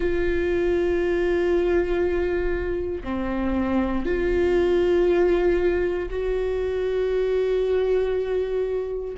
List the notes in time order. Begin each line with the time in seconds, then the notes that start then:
0.00 F4
3.03 C4
4.05 F4
6.10 F#4